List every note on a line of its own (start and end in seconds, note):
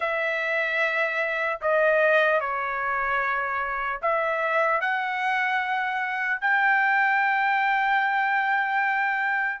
0.00 1.59 E5
1.61 2.40 D#5
2.40 4.00 C#5
4.01 4.80 E5
4.80 6.40 F#5
6.40 9.60 G5